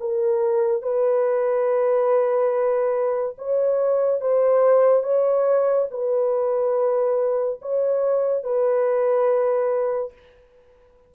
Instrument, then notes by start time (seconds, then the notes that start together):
horn
0.00 A#4
0.82 B4
3.38 C#5
4.21 C5
5.03 C#5
5.90 B4
7.62 C#5
8.44 B4